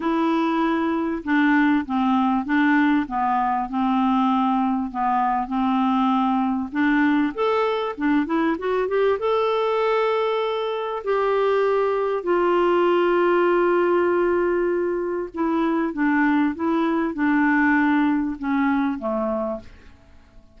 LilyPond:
\new Staff \with { instrumentName = "clarinet" } { \time 4/4 \tempo 4 = 98 e'2 d'4 c'4 | d'4 b4 c'2 | b4 c'2 d'4 | a'4 d'8 e'8 fis'8 g'8 a'4~ |
a'2 g'2 | f'1~ | f'4 e'4 d'4 e'4 | d'2 cis'4 a4 | }